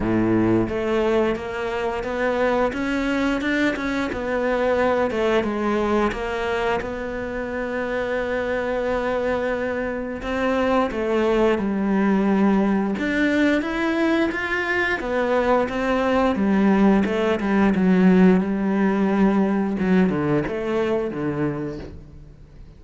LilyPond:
\new Staff \with { instrumentName = "cello" } { \time 4/4 \tempo 4 = 88 a,4 a4 ais4 b4 | cis'4 d'8 cis'8 b4. a8 | gis4 ais4 b2~ | b2. c'4 |
a4 g2 d'4 | e'4 f'4 b4 c'4 | g4 a8 g8 fis4 g4~ | g4 fis8 d8 a4 d4 | }